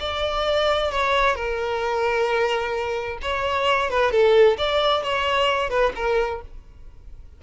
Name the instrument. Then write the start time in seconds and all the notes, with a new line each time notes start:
violin
0.00 D5
0.92 C#5
1.36 A#4
3.22 C#5
3.91 B4
4.12 A4
4.58 D5
5.04 C#5
5.70 B4
5.96 A#4